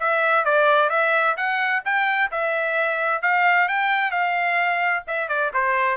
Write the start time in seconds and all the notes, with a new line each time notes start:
0.00 E5
0.45 D5
0.90 E5
1.37 F#5
1.85 G5
2.31 E5
3.22 F5
3.69 G5
4.11 F5
5.07 E5
5.29 D5
5.54 C5